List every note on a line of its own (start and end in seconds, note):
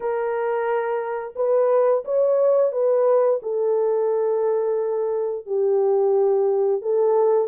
0.00 1.34 A#4
1.35 2.03 B4
2.05 2.71 C#5
2.71 3.40 B4
3.42 5.45 A4
5.45 6.81 G4
6.81 7.48 A4